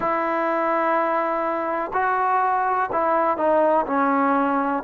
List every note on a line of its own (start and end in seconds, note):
0.00 1.91 E4
1.93 2.89 F#4
2.92 3.37 E4
3.37 3.85 D#4
3.86 4.83 C#4